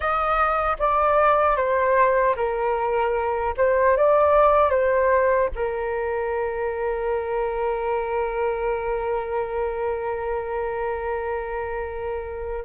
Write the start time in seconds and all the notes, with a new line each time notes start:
0.00 D#5
0.79 D5
1.56 C5
2.36 A#4
3.57 C5
3.97 D5
4.70 C5
5.55 A#4